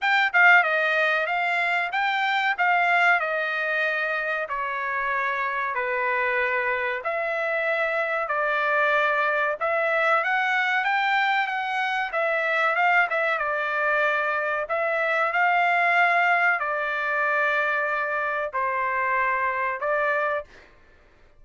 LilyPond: \new Staff \with { instrumentName = "trumpet" } { \time 4/4 \tempo 4 = 94 g''8 f''8 dis''4 f''4 g''4 | f''4 dis''2 cis''4~ | cis''4 b'2 e''4~ | e''4 d''2 e''4 |
fis''4 g''4 fis''4 e''4 | f''8 e''8 d''2 e''4 | f''2 d''2~ | d''4 c''2 d''4 | }